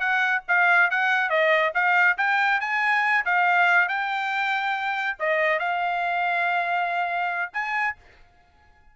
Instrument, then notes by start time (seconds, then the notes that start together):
trumpet
0.00 F#5
0.48 F5
0.91 F#5
1.30 D#5
1.75 F5
2.18 G5
2.61 G#5
3.26 F5
3.89 G5
5.20 D#5
5.59 F5
7.53 G#5